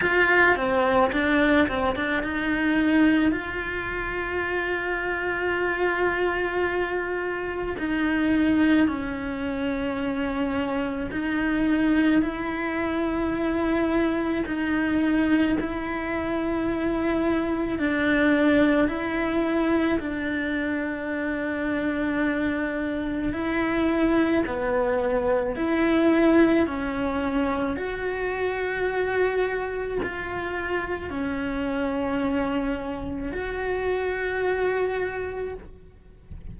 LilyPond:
\new Staff \with { instrumentName = "cello" } { \time 4/4 \tempo 4 = 54 f'8 c'8 d'8 c'16 d'16 dis'4 f'4~ | f'2. dis'4 | cis'2 dis'4 e'4~ | e'4 dis'4 e'2 |
d'4 e'4 d'2~ | d'4 e'4 b4 e'4 | cis'4 fis'2 f'4 | cis'2 fis'2 | }